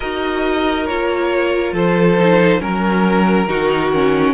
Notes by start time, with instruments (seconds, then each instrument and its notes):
0.00 cello D#4, viola F#4, violin A#4 D#5
0.86 cello A#3, viola F4, violin C#5
1.72 cello F3, violin A4 C5
2.18 viola D#4
2.59 cello F#3, viola C#4, violin A#4
3.46 cello D#3, viola D#4, violin F#4
3.93 viola C#4